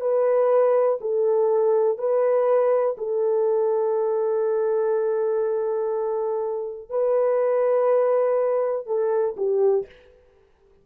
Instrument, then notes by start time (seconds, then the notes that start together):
horn
0.00 B4
1.01 A4
1.98 B4
2.97 A4
6.89 B4
8.86 A4
9.37 G4